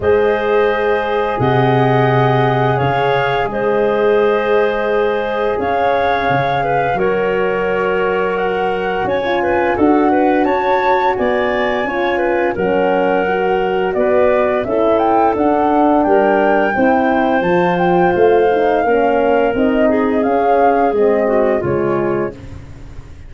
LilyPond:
<<
  \new Staff \with { instrumentName = "flute" } { \time 4/4 \tempo 4 = 86 dis''2 fis''2 | f''4 dis''2. | f''2 cis''2 | fis''4 gis''4 fis''4 a''4 |
gis''2 fis''2 | d''4 e''8 g''8 fis''4 g''4~ | g''4 a''8 g''8 f''2 | dis''4 f''4 dis''4 cis''4 | }
  \new Staff \with { instrumentName = "clarinet" } { \time 4/4 c''2 dis''2 | cis''4 c''2. | cis''4. b'8 ais'2~ | ais'4 cis''8 b'8 a'8 b'8 cis''4 |
d''4 cis''8 b'8 ais'2 | b'4 a'2 ais'4 | c''2. ais'4~ | ais'8 gis'2 fis'8 f'4 | }
  \new Staff \with { instrumentName = "horn" } { \time 4/4 gis'1~ | gis'1~ | gis'2 fis'2~ | fis'4~ fis'16 f'8. fis'2~ |
fis'4 f'4 cis'4 fis'4~ | fis'4 e'4 d'2 | e'4 f'4. dis'8 cis'4 | dis'4 cis'4 c'4 gis4 | }
  \new Staff \with { instrumentName = "tuba" } { \time 4/4 gis2 c2 | cis4 gis2. | cis'4 cis4 fis2~ | fis4 cis'4 d'4 cis'4 |
b4 cis'4 fis2 | b4 cis'4 d'4 g4 | c'4 f4 a4 ais4 | c'4 cis'4 gis4 cis4 | }
>>